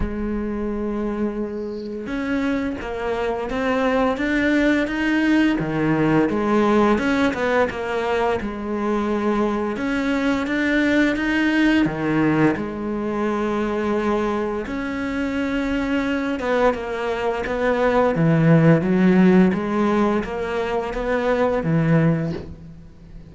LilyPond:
\new Staff \with { instrumentName = "cello" } { \time 4/4 \tempo 4 = 86 gis2. cis'4 | ais4 c'4 d'4 dis'4 | dis4 gis4 cis'8 b8 ais4 | gis2 cis'4 d'4 |
dis'4 dis4 gis2~ | gis4 cis'2~ cis'8 b8 | ais4 b4 e4 fis4 | gis4 ais4 b4 e4 | }